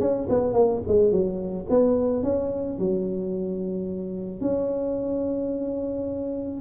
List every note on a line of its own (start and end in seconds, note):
0.00 0.28 C#4
0.29 0.54 B3
0.54 0.81 A#3
0.88 1.12 G#3
1.12 1.67 F#3
1.70 2.23 B3
2.23 2.78 C#4
2.78 4.41 F#3
4.41 6.61 C#4